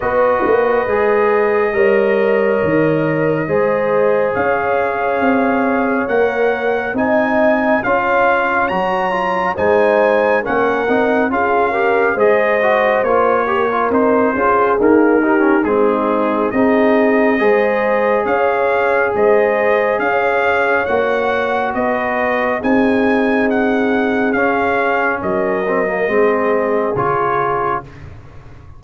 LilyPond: <<
  \new Staff \with { instrumentName = "trumpet" } { \time 4/4 \tempo 4 = 69 dis''1~ | dis''4 f''2 fis''4 | gis''4 f''4 ais''4 gis''4 | fis''4 f''4 dis''4 cis''4 |
c''4 ais'4 gis'4 dis''4~ | dis''4 f''4 dis''4 f''4 | fis''4 dis''4 gis''4 fis''4 | f''4 dis''2 cis''4 | }
  \new Staff \with { instrumentName = "horn" } { \time 4/4 b'2 cis''2 | c''4 cis''2. | dis''4 cis''2 c''4 | ais'4 gis'8 ais'8 c''4. ais'8~ |
ais'8 gis'4 g'8 dis'4 gis'4 | c''4 cis''4 c''4 cis''4~ | cis''4 b'4 gis'2~ | gis'4 ais'4 gis'2 | }
  \new Staff \with { instrumentName = "trombone" } { \time 4/4 fis'4 gis'4 ais'2 | gis'2. ais'4 | dis'4 f'4 fis'8 f'8 dis'4 | cis'8 dis'8 f'8 g'8 gis'8 fis'8 f'8 g'16 f'16 |
dis'8 f'8 ais8 dis'16 cis'16 c'4 dis'4 | gis'1 | fis'2 dis'2 | cis'4. c'16 ais16 c'4 f'4 | }
  \new Staff \with { instrumentName = "tuba" } { \time 4/4 b8 ais8 gis4 g4 dis4 | gis4 cis'4 c'4 ais4 | c'4 cis'4 fis4 gis4 | ais8 c'8 cis'4 gis4 ais4 |
c'8 cis'8 dis'4 gis4 c'4 | gis4 cis'4 gis4 cis'4 | ais4 b4 c'2 | cis'4 fis4 gis4 cis4 | }
>>